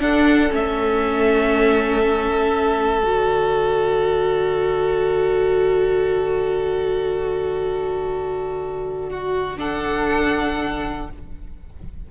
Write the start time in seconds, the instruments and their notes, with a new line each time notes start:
0.00 viola D4, cello D4, violin A4 F#5
0.50 cello A3, viola C#4, violin E5
3.02 cello D3, viola F#4, violin D5
9.10 violin F#4
9.57 viola D4, violin A4 F#5